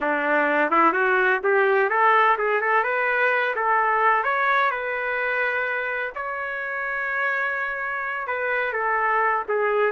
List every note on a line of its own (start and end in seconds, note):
0.00 0.70 D4
0.70 0.93 E4
0.93 1.40 F#4
1.43 1.89 G4
1.89 2.36 A4
2.38 2.61 G#4
2.61 2.83 A4
2.83 3.54 B4
3.55 4.23 A4
4.23 4.71 C#5
4.71 6.12 B4
6.15 8.27 C#5
8.27 8.72 B4
8.72 9.43 A4
9.48 9.92 G#4